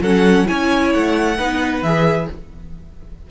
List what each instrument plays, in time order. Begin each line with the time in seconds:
0.00 cello F#3, viola C#4, violin A4 F#5
0.46 cello C#4, viola E4, violin C#5 G#5
0.93 cello A3, violin F#5
1.37 cello B3, viola D#4, violin B4
1.82 cello E3, viola G#4, violin E5